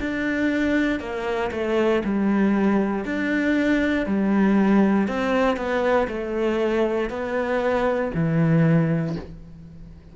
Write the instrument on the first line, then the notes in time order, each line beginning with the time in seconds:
cello
0.00 D4
0.99 A#3
1.51 A3
2.04 G3
3.05 D4
4.06 G3
5.08 C4
5.57 B3
6.08 A3
7.10 B3
8.14 E3